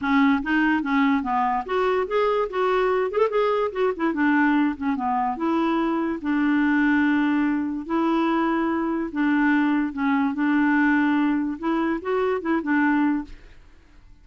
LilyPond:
\new Staff \with { instrumentName = "clarinet" } { \time 4/4 \tempo 4 = 145 cis'4 dis'4 cis'4 b4 | fis'4 gis'4 fis'4. gis'16 a'16 | gis'4 fis'8 e'8 d'4. cis'8 | b4 e'2 d'4~ |
d'2. e'4~ | e'2 d'2 | cis'4 d'2. | e'4 fis'4 e'8 d'4. | }